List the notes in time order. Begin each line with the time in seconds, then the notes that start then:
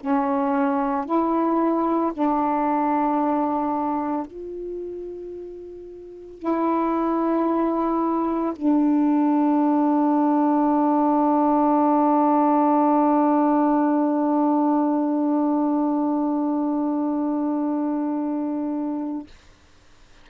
0.00 C#4
1.05 E4
2.13 D4
4.26 F4
6.39 E4
8.55 D4